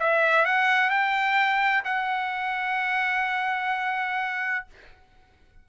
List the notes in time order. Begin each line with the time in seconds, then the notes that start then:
0.00 E5
0.46 F#5
0.91 G5
1.85 F#5